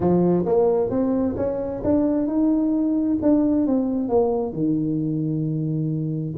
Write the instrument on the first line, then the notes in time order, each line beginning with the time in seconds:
tuba
0.00 F3
0.45 A#3
0.90 C4
1.36 C#4
1.83 D4
2.27 D#4
3.21 D4
3.66 C4
4.08 A#3
4.52 D#3